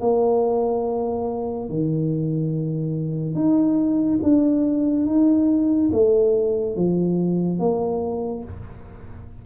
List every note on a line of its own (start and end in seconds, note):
0.00 1.69 A#3
1.69 3.35 D#3
3.35 4.19 D#4
4.23 5.06 D4
5.06 5.90 D#4
5.92 6.76 A3
6.76 7.59 F3
7.59 8.43 A#3